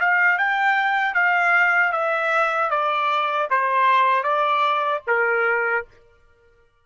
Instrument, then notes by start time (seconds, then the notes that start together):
trumpet
0.00 F5
0.38 G5
1.14 F5
1.92 E5
2.70 D5
3.50 C5
4.24 D5
5.07 A#4